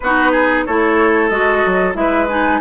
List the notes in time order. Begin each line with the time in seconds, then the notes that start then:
0.00 B3 D#4 F#4 B4
0.31 G#4
0.65 A3 E4 A4 C#5
1.28 G#3 F#4 D#5
1.65 F#3
1.94 G#3 E4 B4 E5
2.29 D#4 G#5